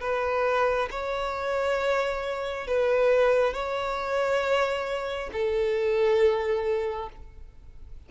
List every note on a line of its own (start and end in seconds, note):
0.00 0.88 B4
0.90 2.67 C#5
2.67 3.53 B4
3.53 5.29 C#5
5.32 7.09 A4